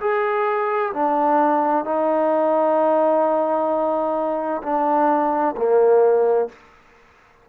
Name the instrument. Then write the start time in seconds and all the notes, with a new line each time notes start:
trombone
0.00 G#4
0.93 D4
1.85 D#4
4.63 D4
5.56 A#3